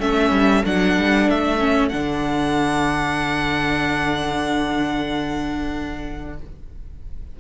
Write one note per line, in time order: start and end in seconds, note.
0.00 0.31 A3
0.00 0.64 C#4
0.00 6.39 A4
0.00 0.65 E5
0.31 0.63 G3
0.65 0.97 F#3
0.65 1.59 D4
0.65 1.30 F#5
0.97 1.29 G3
1.30 1.93 A3
1.30 1.89 E5
1.59 1.91 C#4
1.89 6.40 D3
1.89 6.39 D4
1.89 6.36 F#5